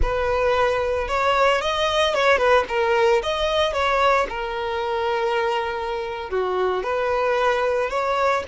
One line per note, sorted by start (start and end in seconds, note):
0.01 1.08 B4
1.08 1.61 C#5
1.61 2.14 D#5
2.14 2.37 C#5
2.37 2.64 B4
2.68 3.21 A#4
3.22 3.73 D#5
3.73 4.27 C#5
4.29 6.29 A#4
6.29 6.83 F#4
6.83 7.90 B4
7.90 8.43 C#5